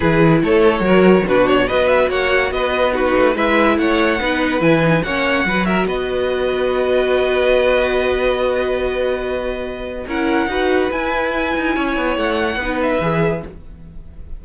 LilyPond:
<<
  \new Staff \with { instrumentName = "violin" } { \time 4/4 \tempo 4 = 143 b'4 cis''2 b'8 cis''8 | dis''8 e''8 fis''4 dis''4 b'4 | e''4 fis''2 gis''4 | fis''4. e''8 dis''2~ |
dis''1~ | dis''1 | fis''2 gis''2~ | gis''4 fis''4. e''4. | }
  \new Staff \with { instrumentName = "violin" } { \time 4/4 gis'4 a'4 ais'4 fis'4 | b'4 cis''4 b'4 fis'4 | b'4 cis''4 b'2 | cis''4 b'8 ais'8 b'2~ |
b'1~ | b'1 | ais'4 b'2. | cis''2 b'2 | }
  \new Staff \with { instrumentName = "viola" } { \time 4/4 e'2 fis'4 d'4 | fis'2. dis'4 | e'2 dis'4 e'8 dis'8 | cis'4 fis'2.~ |
fis'1~ | fis'1 | e'4 fis'4 e'2~ | e'2 dis'4 gis'4 | }
  \new Staff \with { instrumentName = "cello" } { \time 4/4 e4 a4 fis4 b,4 | b4 ais4 b4. a8 | gis4 a4 b4 e4 | ais4 fis4 b2~ |
b1~ | b1 | cis'4 dis'4 e'4. dis'8 | cis'8 b8 a4 b4 e4 | }
>>